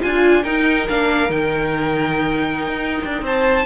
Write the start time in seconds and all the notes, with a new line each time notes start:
0.00 D4 F4 G#5
0.43 D#4 A#4 G5
0.89 A#3 D4 F5
1.29 D#3 D#4 G5
2.67 D#4
3.04 D4
3.21 C4 C5 A5